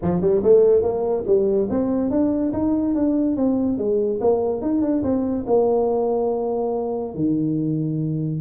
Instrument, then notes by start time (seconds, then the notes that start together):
tuba
0.02 F3
0.21 G3
0.43 A3
0.82 A#3
1.26 G3
1.70 C4
2.10 D4
2.53 D#4
2.94 D4
3.36 C4
3.77 G#3
4.21 A#3
4.61 D#4
4.81 D4
5.03 C4
5.47 A#3
7.15 D#3